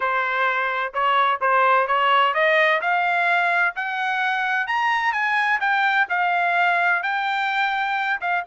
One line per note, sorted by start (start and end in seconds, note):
0.00 0.93 C5
0.93 1.40 C#5
1.40 1.87 C5
1.87 2.34 C#5
2.34 2.80 D#5
2.81 3.74 F5
3.75 4.67 F#5
4.67 5.12 A#5
5.12 5.59 G#5
5.60 6.07 G5
6.09 7.02 F5
7.02 8.19 G5
8.20 8.44 F5